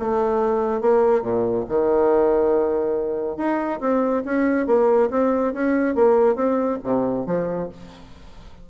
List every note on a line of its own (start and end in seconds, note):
0.00 0.82 A3
0.82 1.22 A#3
1.22 1.65 A#2
1.69 3.38 D#3
3.38 3.80 D#4
3.81 4.24 C4
4.25 4.67 C#4
4.67 5.10 A#3
5.11 5.54 C4
5.54 5.96 C#4
5.96 6.36 A#3
6.36 6.79 C4
6.84 7.27 C3
7.27 7.70 F3